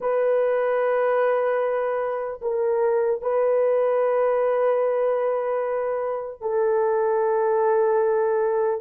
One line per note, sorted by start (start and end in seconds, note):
0.00 2.40 B4
2.41 3.21 A#4
3.21 6.41 B4
6.41 8.80 A4